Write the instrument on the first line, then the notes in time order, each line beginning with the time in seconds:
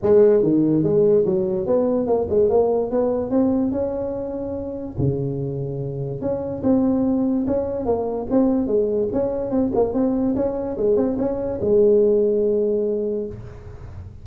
tuba
0.02 G#3
0.43 D#3
0.83 G#3
1.25 F#3
1.66 B3
2.06 A#3
2.29 G#3
2.49 A#3
2.90 B3
3.30 C4
3.71 C#4
4.97 C#3
6.21 C#4
6.63 C4
7.46 C#4
7.85 A#3
8.30 C4
8.67 G#3
9.12 C#4
9.50 C4
9.74 A#3
9.93 C4
10.35 C#4
10.77 G#3
10.96 C4
11.18 C#4
11.61 G#3